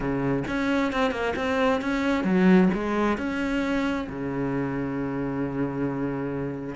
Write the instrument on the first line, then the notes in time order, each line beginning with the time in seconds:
cello
0.00 C#3
0.47 C#4
0.92 C4
1.11 A#3
1.36 C4
1.81 C#4
2.24 F#3
2.73 G#3
3.17 C#4
4.09 C#3